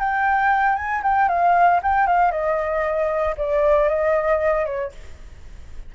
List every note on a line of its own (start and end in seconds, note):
0.00 0.76 G5
0.76 1.02 G#5
1.03 1.29 G5
1.29 1.81 F5
1.83 2.07 G5
2.07 2.31 F5
2.31 3.36 D#5
3.38 3.89 D5
3.89 4.66 D#5
4.66 4.92 C#5